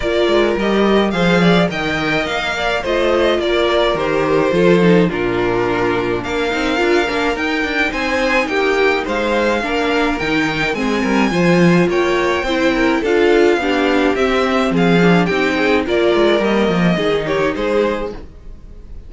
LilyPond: <<
  \new Staff \with { instrumentName = "violin" } { \time 4/4 \tempo 4 = 106 d''4 dis''4 f''4 g''4 | f''4 dis''4 d''4 c''4~ | c''4 ais'2 f''4~ | f''4 g''4 gis''4 g''4 |
f''2 g''4 gis''4~ | gis''4 g''2 f''4~ | f''4 e''4 f''4 g''4 | d''4 dis''4. cis''8 c''4 | }
  \new Staff \with { instrumentName = "violin" } { \time 4/4 ais'2 c''8 d''8 dis''4~ | dis''8 d''8 c''4 ais'2 | a'4 f'2 ais'4~ | ais'2 c''4 g'4 |
c''4 ais'2 gis'8 ais'8 | c''4 cis''4 c''8 ais'8 a'4 | g'2 gis'4 g'8 gis'8 | ais'2 gis'8 g'8 gis'4 | }
  \new Staff \with { instrumentName = "viola" } { \time 4/4 f'4 g'4 gis'4 ais'4~ | ais'4 f'2 g'4 | f'8 dis'8 d'2~ d'8 dis'8 | f'8 d'8 dis'2.~ |
dis'4 d'4 dis'4 c'4 | f'2 e'4 f'4 | d'4 c'4. d'8 dis'4 | f'4 ais4 dis'2 | }
  \new Staff \with { instrumentName = "cello" } { \time 4/4 ais8 gis8 g4 f4 dis4 | ais4 a4 ais4 dis4 | f4 ais,2 ais8 c'8 | d'8 ais8 dis'8 d'8 c'4 ais4 |
gis4 ais4 dis4 gis8 g8 | f4 ais4 c'4 d'4 | b4 c'4 f4 c'4 | ais8 gis8 g8 f8 dis4 gis4 | }
>>